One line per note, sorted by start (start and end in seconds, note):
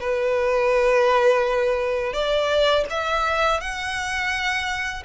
0.00 2.13 B4
2.13 2.84 D5
2.90 3.60 E5
3.60 5.03 F#5